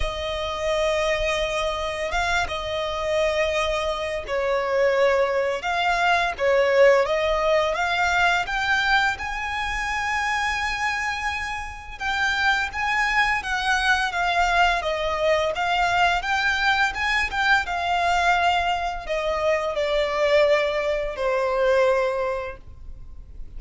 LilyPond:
\new Staff \with { instrumentName = "violin" } { \time 4/4 \tempo 4 = 85 dis''2. f''8 dis''8~ | dis''2 cis''2 | f''4 cis''4 dis''4 f''4 | g''4 gis''2.~ |
gis''4 g''4 gis''4 fis''4 | f''4 dis''4 f''4 g''4 | gis''8 g''8 f''2 dis''4 | d''2 c''2 | }